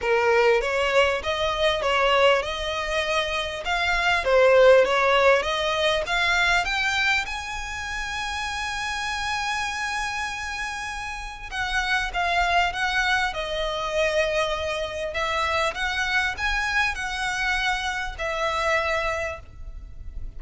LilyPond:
\new Staff \with { instrumentName = "violin" } { \time 4/4 \tempo 4 = 99 ais'4 cis''4 dis''4 cis''4 | dis''2 f''4 c''4 | cis''4 dis''4 f''4 g''4 | gis''1~ |
gis''2. fis''4 | f''4 fis''4 dis''2~ | dis''4 e''4 fis''4 gis''4 | fis''2 e''2 | }